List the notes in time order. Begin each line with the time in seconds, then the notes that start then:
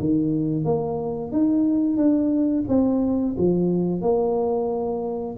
0.00 D#3
0.65 A#3
1.32 D#4
1.97 D4
2.69 C4
3.38 F3
4.01 A#3